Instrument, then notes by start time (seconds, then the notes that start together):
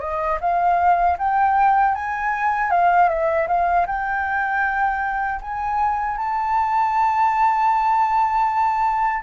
flute
0.00 D#5
0.41 F5
1.19 G5
1.95 G#5
2.71 F5
3.09 E5
3.48 F5
3.86 G5
5.42 G#5
6.17 A5